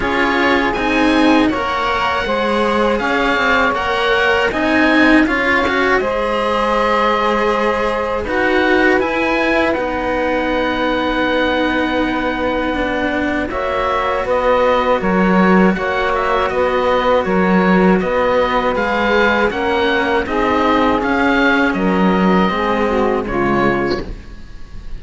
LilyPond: <<
  \new Staff \with { instrumentName = "oboe" } { \time 4/4 \tempo 4 = 80 cis''4 gis''4 fis''2 | f''4 fis''4 gis''4 f''4 | dis''2. fis''4 | gis''4 fis''2.~ |
fis''2 e''4 dis''4 | cis''4 fis''8 e''8 dis''4 cis''4 | dis''4 f''4 fis''4 dis''4 | f''4 dis''2 cis''4 | }
  \new Staff \with { instrumentName = "saxophone" } { \time 4/4 gis'2 cis''4 c''4 | cis''2 dis''4 cis''4 | c''2. b'4~ | b'1~ |
b'2 cis''4 b'4 | ais'4 cis''4 b'4 ais'4 | b'2 ais'4 gis'4~ | gis'4 ais'4 gis'8 fis'8 f'4 | }
  \new Staff \with { instrumentName = "cello" } { \time 4/4 f'4 dis'4 ais'4 gis'4~ | gis'4 ais'4 dis'4 f'8 fis'8 | gis'2. fis'4 | e'4 dis'2.~ |
dis'4 d'4 fis'2~ | fis'1~ | fis'4 gis'4 cis'4 dis'4 | cis'2 c'4 gis4 | }
  \new Staff \with { instrumentName = "cello" } { \time 4/4 cis'4 c'4 ais4 gis4 | cis'8 c'8 ais4 c'4 cis'4 | gis2. dis'4 | e'4 b2.~ |
b2 ais4 b4 | fis4 ais4 b4 fis4 | b4 gis4 ais4 c'4 | cis'4 fis4 gis4 cis4 | }
>>